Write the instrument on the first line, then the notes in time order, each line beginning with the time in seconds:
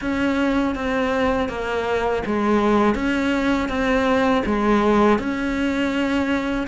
cello
0.01 C#4
0.75 C4
1.48 A#3
2.26 G#3
2.95 C#4
3.68 C4
4.45 G#3
5.19 C#4